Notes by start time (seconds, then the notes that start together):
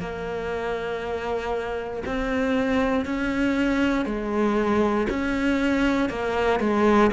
0.00 A#3
2.06 C4
3.06 C#4
4.06 G#3
5.10 C#4
6.10 A#3
6.60 G#3